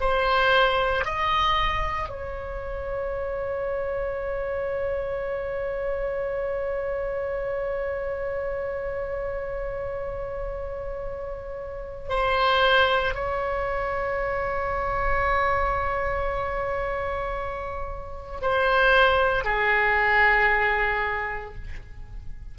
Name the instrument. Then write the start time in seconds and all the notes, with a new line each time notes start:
oboe
0.00 C5
1.04 D#5
2.09 C#5
12.09 C5
13.14 C#5
18.41 C5
19.44 G#4